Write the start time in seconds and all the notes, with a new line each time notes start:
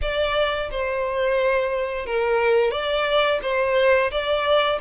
0.01 D5
0.70 C5
2.05 A#4
2.71 D5
3.42 C5
4.11 D5